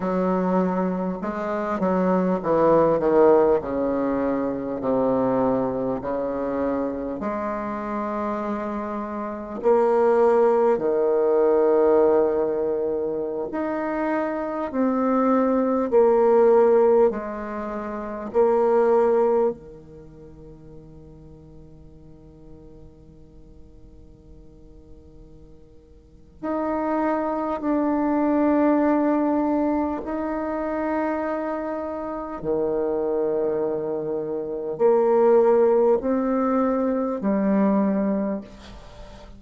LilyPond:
\new Staff \with { instrumentName = "bassoon" } { \time 4/4 \tempo 4 = 50 fis4 gis8 fis8 e8 dis8 cis4 | c4 cis4 gis2 | ais4 dis2~ dis16 dis'8.~ | dis'16 c'4 ais4 gis4 ais8.~ |
ais16 dis2.~ dis8.~ | dis2 dis'4 d'4~ | d'4 dis'2 dis4~ | dis4 ais4 c'4 g4 | }